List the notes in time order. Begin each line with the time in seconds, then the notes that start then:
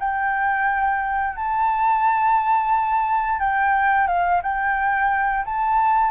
0.00 G5
1.36 A5
3.40 G5
4.07 F5
4.43 G5
5.45 A5